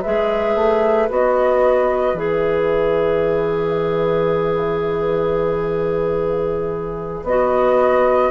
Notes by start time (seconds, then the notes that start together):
0.00 G#3 G#4 B4 E5
0.55 A3
1.09 B3 F#4 D#5
2.13 E3 G#4 E5
7.23 B3 F#4 D#5